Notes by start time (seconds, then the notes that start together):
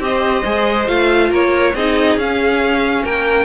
0.00 C4 G4 C5 D#5
0.45 G#3 G#4
0.87 A3 F4 F5
1.30 A#3 A#4 C#5
1.75 C4 D#4 G#4 D#5
2.17 C#4 F5
3.05 A#3 A#4 G5